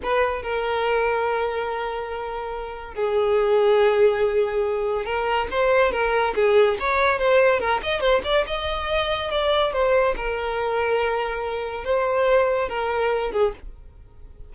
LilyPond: \new Staff \with { instrumentName = "violin" } { \time 4/4 \tempo 4 = 142 b'4 ais'2.~ | ais'2. gis'4~ | gis'1 | ais'4 c''4 ais'4 gis'4 |
cis''4 c''4 ais'8 dis''8 c''8 d''8 | dis''2 d''4 c''4 | ais'1 | c''2 ais'4. gis'8 | }